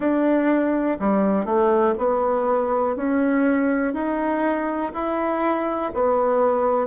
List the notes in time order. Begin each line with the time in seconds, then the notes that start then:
0.00 D4
0.99 G3
1.45 A3
1.98 B3
2.96 C#4
3.93 D#4
4.93 E4
5.94 B3